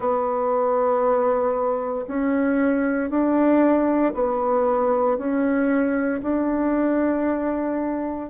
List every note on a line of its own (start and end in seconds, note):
0.00 2.05 B3
2.07 3.09 C#4
3.09 4.13 D4
4.14 5.17 B3
5.17 6.21 C#4
6.22 8.29 D4